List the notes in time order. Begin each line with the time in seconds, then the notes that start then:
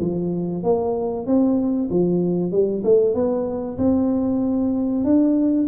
0.00 F3
0.63 A#3
1.26 C4
1.90 F3
2.52 G3
2.84 A3
3.14 B3
3.78 C4
5.04 D4